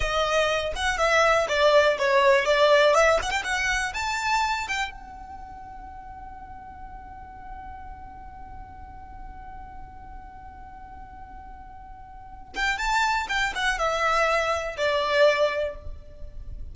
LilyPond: \new Staff \with { instrumentName = "violin" } { \time 4/4 \tempo 4 = 122 dis''4. fis''8 e''4 d''4 | cis''4 d''4 e''8 fis''16 g''16 fis''4 | a''4. g''8 fis''2~ | fis''1~ |
fis''1~ | fis''1~ | fis''4. g''8 a''4 g''8 fis''8 | e''2 d''2 | }